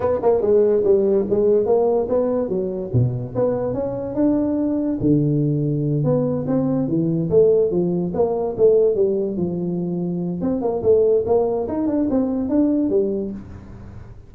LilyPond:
\new Staff \with { instrumentName = "tuba" } { \time 4/4 \tempo 4 = 144 b8 ais8 gis4 g4 gis4 | ais4 b4 fis4 b,4 | b4 cis'4 d'2 | d2~ d8 b4 c'8~ |
c'8 e4 a4 f4 ais8~ | ais8 a4 g4 f4.~ | f4 c'8 ais8 a4 ais4 | dis'8 d'8 c'4 d'4 g4 | }